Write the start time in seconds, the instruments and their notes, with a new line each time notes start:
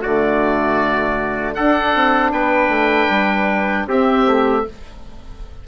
0.00 bassoon D3, saxophone A3, trumpet F#4, oboe D5
1.54 saxophone D4, bassoon D4, trumpet A4, oboe F#5
1.95 bassoon C4
2.32 bassoon B3, trumpet B4, oboe G5
2.68 bassoon A3
3.09 bassoon G3
3.86 bassoon C4, saxophone C4, trumpet G4, oboe E5
4.26 bassoon A3